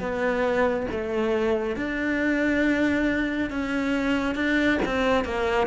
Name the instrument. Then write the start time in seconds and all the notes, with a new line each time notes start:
cello
0.00 B3
0.91 A3
1.77 D4
3.51 C#4
4.36 D4
4.86 C4
5.25 A#3